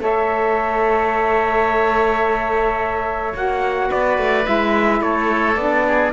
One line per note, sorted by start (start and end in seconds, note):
0.00 3.33 A3
0.00 3.34 A4
0.00 3.89 C#5
0.00 3.36 E5
3.34 3.90 A#3
3.34 4.42 F#4
3.34 3.91 F#5
3.89 4.18 B3
3.89 5.00 B4
3.89 4.46 D5
4.18 4.46 A3
4.42 5.54 E4
4.42 5.02 E5
4.48 5.01 G#3
5.01 5.56 A3
5.01 5.86 A4
5.01 5.57 C#5
5.56 6.12 B3
5.56 6.12 D4
5.56 6.12 D5
5.87 6.12 G#4